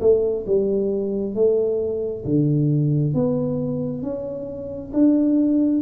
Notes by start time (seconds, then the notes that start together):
0.00 A3
0.46 G3
1.34 A3
2.25 D3
3.14 B3
4.02 C#4
4.93 D4